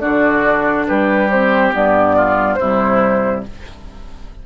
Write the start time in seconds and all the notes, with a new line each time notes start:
0.00 D3 D4 F#4 D5
0.87 G3 G4 B4
1.30 C4 C5
1.73 G2 B3 D5
2.16 F4
2.55 C3 G3 E4 C5